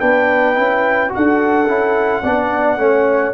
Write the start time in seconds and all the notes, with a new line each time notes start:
0.00 B3 D4 B4 G5
0.55 C#4 E4
1.09 F#4 F#5
1.16 D4 A4
1.66 C#4 E4
2.23 B3 D4 D5
2.77 A3 C#4 C#5